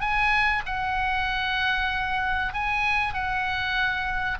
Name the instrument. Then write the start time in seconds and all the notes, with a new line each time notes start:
oboe
0.00 G#5
0.66 F#5
2.53 G#5
3.14 F#5